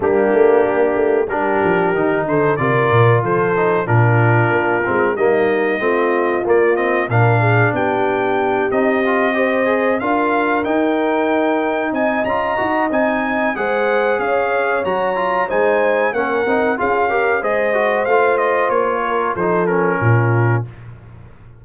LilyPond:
<<
  \new Staff \with { instrumentName = "trumpet" } { \time 4/4 \tempo 4 = 93 g'2 ais'4. c''8 | d''4 c''4 ais'2 | dis''2 d''8 dis''8 f''4 | g''4. dis''2 f''8~ |
f''8 g''2 gis''8 ais''4 | gis''4 fis''4 f''4 ais''4 | gis''4 fis''4 f''4 dis''4 | f''8 dis''8 cis''4 c''8 ais'4. | }
  \new Staff \with { instrumentName = "horn" } { \time 4/4 d'2 g'4. a'8 | ais'4 a'4 f'2 | dis'4 f'2 ais'8 gis'8 | g'2~ g'8 c''4 ais'8~ |
ais'2~ ais'8 dis''4.~ | dis''4 c''4 cis''2 | c''4 ais'4 gis'8 ais'8 c''4~ | c''4. ais'8 a'4 f'4 | }
  \new Staff \with { instrumentName = "trombone" } { \time 4/4 ais2 d'4 dis'4 | f'4. dis'8 d'4. c'8 | ais4 c'4 ais8 c'8 d'4~ | d'4. dis'8 f'8 g'8 gis'8 f'8~ |
f'8 dis'2~ dis'8 f'8 fis'8 | dis'4 gis'2 fis'8 f'8 | dis'4 cis'8 dis'8 f'8 g'8 gis'8 fis'8 | f'2 dis'8 cis'4. | }
  \new Staff \with { instrumentName = "tuba" } { \time 4/4 g8 a8 ais8 a8 g8 f8 dis8 d8 | c8 ais,8 f4 ais,4 ais8 gis8 | g4 a4 ais4 ais,4 | b4. c'2 d'8~ |
d'8 dis'2 c'8 cis'8 dis'8 | c'4 gis4 cis'4 fis4 | gis4 ais8 c'8 cis'4 gis4 | a4 ais4 f4 ais,4 | }
>>